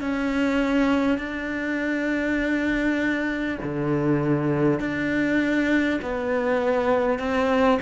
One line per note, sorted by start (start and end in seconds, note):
0.00 1.18 C#4
1.18 3.58 D4
3.63 4.79 D3
4.79 5.99 D4
6.01 7.18 B3
7.18 7.78 C4